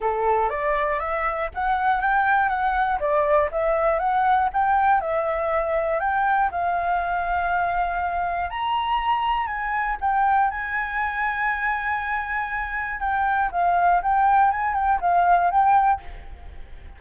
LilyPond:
\new Staff \with { instrumentName = "flute" } { \time 4/4 \tempo 4 = 120 a'4 d''4 e''4 fis''4 | g''4 fis''4 d''4 e''4 | fis''4 g''4 e''2 | g''4 f''2.~ |
f''4 ais''2 gis''4 | g''4 gis''2.~ | gis''2 g''4 f''4 | g''4 gis''8 g''8 f''4 g''4 | }